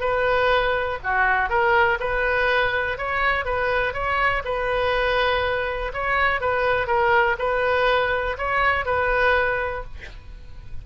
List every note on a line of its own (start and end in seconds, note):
0.00 0.98 B4
1.03 1.49 F#4
1.49 1.98 A#4
2.00 2.98 B4
2.98 3.45 C#5
3.45 3.93 B4
3.93 4.42 C#5
4.44 5.92 B4
5.93 6.40 C#5
6.40 6.87 B4
6.87 7.36 A#4
7.38 8.37 B4
8.37 8.85 C#5
8.85 9.83 B4